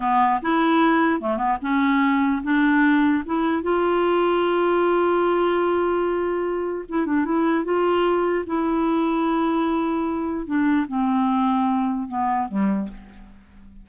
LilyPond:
\new Staff \with { instrumentName = "clarinet" } { \time 4/4 \tempo 4 = 149 b4 e'2 a8 b8 | cis'2 d'2 | e'4 f'2.~ | f'1~ |
f'4 e'8 d'8 e'4 f'4~ | f'4 e'2.~ | e'2 d'4 c'4~ | c'2 b4 g4 | }